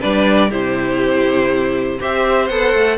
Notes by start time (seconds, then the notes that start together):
0.00 G3 D4 B4 D5
0.49 C3 E4 G4 C5
2.00 C4 G4 C5 E5
2.48 B3 A4 F#5
2.74 A3